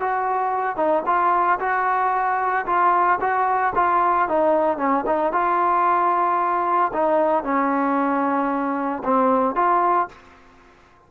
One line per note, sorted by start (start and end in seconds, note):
0.00 0.77 F#4
0.77 1.03 D#4
1.06 1.59 F4
1.60 2.66 F#4
2.66 3.19 F4
3.20 3.73 F#4
3.75 4.28 F4
4.28 4.78 D#4
4.78 5.04 C#4
5.06 5.33 D#4
5.33 6.92 F4
6.93 7.44 D#4
7.44 9.03 C#4
9.04 9.55 C4
9.55 10.08 F4